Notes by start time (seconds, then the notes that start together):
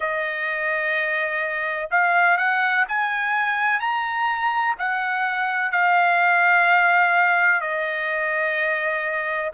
0.00 D#5
1.90 F5
2.37 F#5
2.88 G#5
3.80 A#5
4.79 F#5
5.71 F5
7.60 D#5